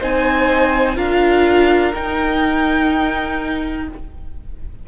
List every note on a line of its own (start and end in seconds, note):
0.00 0.97 C4
0.00 0.96 D#4
0.00 0.96 C5
0.00 0.98 G#5
0.96 1.94 D4
0.96 1.93 F4
0.96 3.87 A#4
0.96 1.95 F5
1.95 3.89 D#4
1.95 3.88 G5